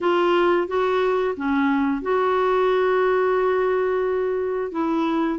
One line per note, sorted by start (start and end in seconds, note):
0.00 0.67 F4
0.67 1.35 F#4
1.36 2.02 C#4
2.02 4.71 F#4
4.71 5.39 E4